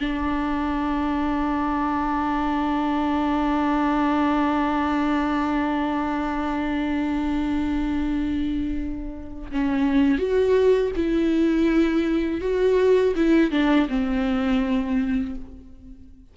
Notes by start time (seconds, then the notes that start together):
0.00 D4
9.52 C#4
10.18 F#4
10.96 E4
12.41 F#4
13.16 E4
13.51 D4
13.89 C4